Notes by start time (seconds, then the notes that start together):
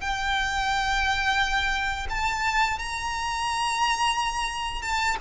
0.00 G5
2.09 A5
2.79 A#5
4.82 A5